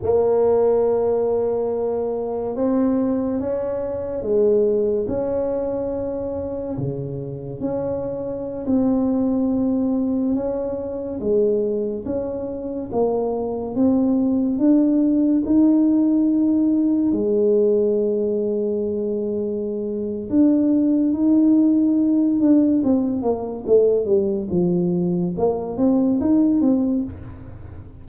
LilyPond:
\new Staff \with { instrumentName = "tuba" } { \time 4/4 \tempo 4 = 71 ais2. c'4 | cis'4 gis4 cis'2 | cis4 cis'4~ cis'16 c'4.~ c'16~ | c'16 cis'4 gis4 cis'4 ais8.~ |
ais16 c'4 d'4 dis'4.~ dis'16~ | dis'16 gis2.~ gis8. | d'4 dis'4. d'8 c'8 ais8 | a8 g8 f4 ais8 c'8 dis'8 c'8 | }